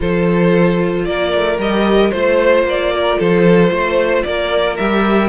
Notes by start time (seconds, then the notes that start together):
0.00 F3 F4 A4 C5
1.05 A#3 A#4 D5
1.34 A3
1.58 G3 G4 D#5
2.11 A3 F4 C5
2.63 A#3 D5
2.94 A#4
3.18 F3 A4 C5
3.70 A3 C5
4.23 A#3 A#4 D5
4.76 G3 G4 E5